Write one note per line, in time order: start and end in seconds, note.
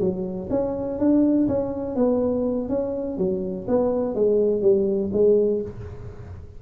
0.00 0.49 F#3
0.50 0.98 C#4
0.98 1.47 D4
1.48 1.96 C#4
1.96 2.69 B3
2.69 3.17 C#4
3.17 3.66 F#3
3.67 4.15 B3
4.15 4.61 G#3
4.61 5.10 G3
5.13 5.62 G#3